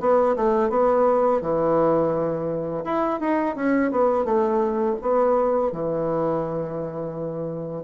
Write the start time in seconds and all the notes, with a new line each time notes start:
0.00 B3
0.36 A3
0.70 B3
1.41 E3
2.84 E4
3.20 D#4
3.56 C#4
3.92 B3
4.25 A3
5.02 B3
5.72 E3